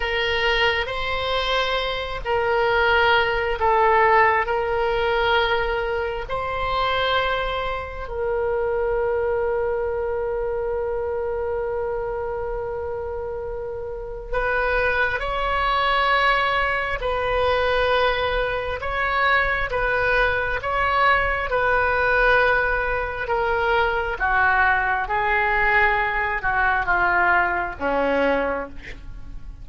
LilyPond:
\new Staff \with { instrumentName = "oboe" } { \time 4/4 \tempo 4 = 67 ais'4 c''4. ais'4. | a'4 ais'2 c''4~ | c''4 ais'2.~ | ais'1 |
b'4 cis''2 b'4~ | b'4 cis''4 b'4 cis''4 | b'2 ais'4 fis'4 | gis'4. fis'8 f'4 cis'4 | }